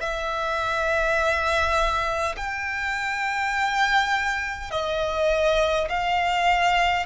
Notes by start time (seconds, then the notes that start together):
0.00 E5
2.36 G5
4.71 D#5
5.89 F5